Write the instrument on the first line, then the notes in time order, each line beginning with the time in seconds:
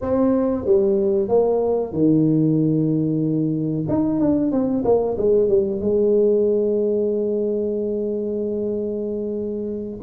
tuba
0.01 C4
0.65 G3
1.28 A#3
1.92 D#3
3.88 D#4
4.19 D4
4.51 C4
4.84 A#3
5.17 G#3
5.48 G3
5.81 G#3